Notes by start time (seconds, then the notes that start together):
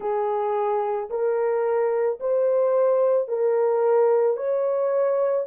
0.00 G#4
1.10 A#4
2.20 C5
3.27 A#4
4.36 C#5